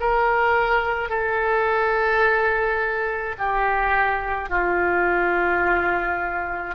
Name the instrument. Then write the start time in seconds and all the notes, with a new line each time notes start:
oboe
0.00 A#4
1.09 A4
3.38 G4
4.49 F4